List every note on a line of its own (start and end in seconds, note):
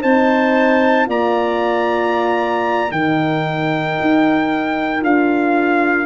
0.00 1.07 C4
0.00 1.05 D#4
0.00 1.06 C5
0.00 1.07 A5
1.05 2.91 A#3
1.05 2.89 F4
1.05 2.92 D5
1.05 2.91 A#5
2.91 3.96 D#3
2.91 5.00 D#4
2.91 6.06 A#4
2.91 5.02 G5
4.00 5.02 D#4
5.00 6.06 D4
5.00 6.06 F4
5.00 6.06 F5